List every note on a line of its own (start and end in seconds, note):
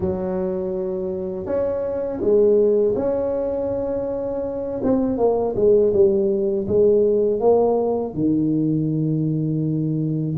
0.00 1.46 F#3
1.46 2.20 C#4
2.20 2.94 G#3
2.95 4.80 C#4
4.83 5.17 C4
5.17 5.54 A#3
5.56 5.93 G#3
5.93 6.67 G3
6.67 7.40 G#3
7.40 8.13 A#3
8.13 10.36 D#3